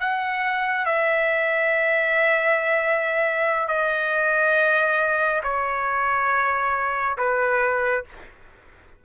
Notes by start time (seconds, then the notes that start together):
0.00 F#5
0.86 E5
3.68 D#5
5.43 C#5
7.18 B4